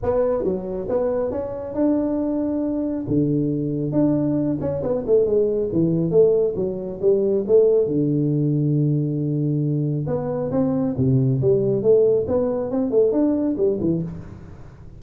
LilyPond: \new Staff \with { instrumentName = "tuba" } { \time 4/4 \tempo 4 = 137 b4 fis4 b4 cis'4 | d'2. d4~ | d4 d'4. cis'8 b8 a8 | gis4 e4 a4 fis4 |
g4 a4 d2~ | d2. b4 | c'4 c4 g4 a4 | b4 c'8 a8 d'4 g8 e8 | }